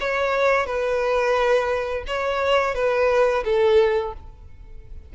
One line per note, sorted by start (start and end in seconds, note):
0.00 0.66 C#5
0.66 2.04 B4
2.07 2.75 C#5
2.75 3.44 B4
3.45 4.13 A4